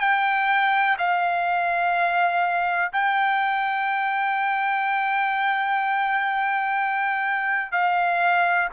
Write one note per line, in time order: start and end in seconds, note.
0.00 0.97 G5
0.98 2.92 F5
2.92 7.72 G5
7.72 8.68 F5